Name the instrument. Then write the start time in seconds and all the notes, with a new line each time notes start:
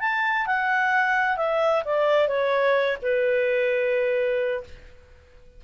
clarinet
0.00 A5
0.46 F#5
1.37 E5
1.85 D5
2.28 C#5
3.02 B4